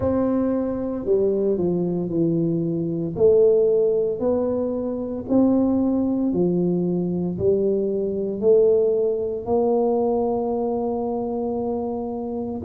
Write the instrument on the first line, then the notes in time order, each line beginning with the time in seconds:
tuba
0.00 C4
1.05 G3
1.57 F3
2.09 E3
3.16 A3
4.19 B3
5.29 C4
6.32 F3
7.38 G3
8.40 A3
9.45 A#3